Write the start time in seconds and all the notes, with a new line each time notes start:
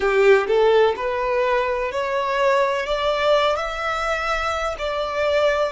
0.00 G4
0.47 A4
0.96 B4
1.91 C#5
2.86 D5
3.56 E5
4.78 D5